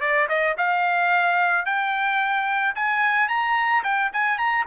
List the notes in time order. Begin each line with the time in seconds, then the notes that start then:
0.00 D5
0.29 D#5
0.57 F5
1.65 G5
2.75 G#5
3.28 A#5
3.83 G5
4.12 G#5
4.38 A#5